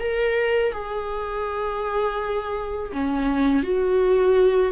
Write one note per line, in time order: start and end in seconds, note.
0.00 0.73 A#4
0.73 2.92 G#4
2.93 3.64 C#4
3.64 4.73 F#4